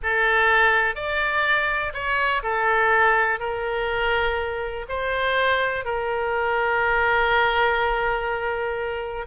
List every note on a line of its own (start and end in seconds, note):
0.02 0.95 A4
0.95 1.92 D5
1.93 2.42 C#5
2.42 3.39 A4
3.39 4.86 A#4
4.88 5.84 C5
5.84 9.26 A#4